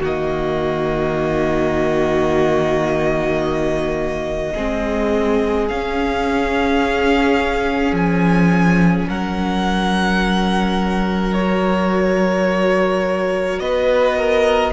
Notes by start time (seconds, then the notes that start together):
0.00 D#3 A#3 F#4 D#5
4.54 G#3 C4 G#4
5.68 C#4 F5
7.92 F3 G#5
9.08 F#3 A#4 F#5
11.33 F#4 C#5
13.58 B3 B4 D#5
14.18 A#4